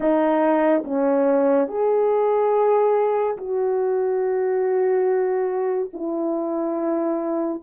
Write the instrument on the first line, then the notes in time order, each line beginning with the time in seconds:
horn
0.00 D#4
0.84 C#4
1.67 G#4
3.36 F#4
5.93 E4